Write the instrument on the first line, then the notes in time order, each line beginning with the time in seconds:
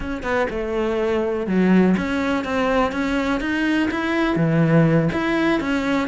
cello
0.00 C#4
0.22 B3
0.49 A3
1.46 F#3
1.97 C#4
2.44 C4
2.92 C#4
3.40 D#4
3.90 E4
4.36 E3
5.12 E4
5.60 C#4